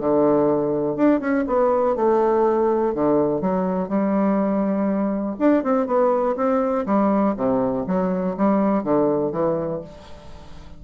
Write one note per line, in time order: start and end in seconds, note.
0.00 0.97 D3
0.97 1.21 D4
1.21 1.45 C#4
1.48 1.96 B3
1.96 2.95 A3
2.95 3.41 D3
3.41 3.89 F#3
3.89 5.37 G3
5.39 5.64 D4
5.64 5.87 C4
5.87 6.36 B3
6.36 6.86 C4
6.86 7.35 G3
7.37 7.86 C3
7.87 8.37 F#3
8.37 8.84 G3
8.84 9.32 D3
9.32 9.81 E3